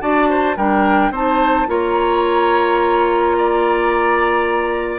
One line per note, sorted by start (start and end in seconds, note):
0.00 0.57 D4
0.00 0.56 F#4
0.00 0.29 D5
0.00 0.56 A5
0.29 0.56 C5
0.56 1.10 G3
0.56 1.13 D4
0.56 1.12 A#4
0.56 1.12 G5
1.10 1.66 C4
1.10 1.67 D#4
1.10 1.67 C5
1.10 1.69 A5
1.67 4.98 A#3
1.67 4.98 F4
1.67 3.36 C#5
1.67 4.98 A#5
3.38 4.98 D5